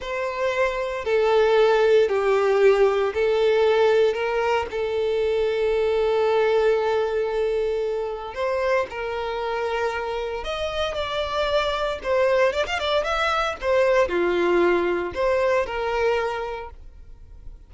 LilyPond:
\new Staff \with { instrumentName = "violin" } { \time 4/4 \tempo 4 = 115 c''2 a'2 | g'2 a'2 | ais'4 a'2.~ | a'1 |
c''4 ais'2. | dis''4 d''2 c''4 | d''16 f''16 d''8 e''4 c''4 f'4~ | f'4 c''4 ais'2 | }